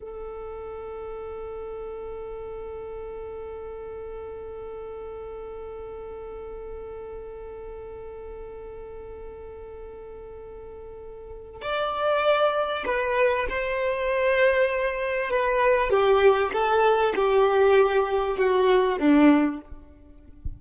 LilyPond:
\new Staff \with { instrumentName = "violin" } { \time 4/4 \tempo 4 = 98 a'1~ | a'1~ | a'1~ | a'1~ |
a'2. d''4~ | d''4 b'4 c''2~ | c''4 b'4 g'4 a'4 | g'2 fis'4 d'4 | }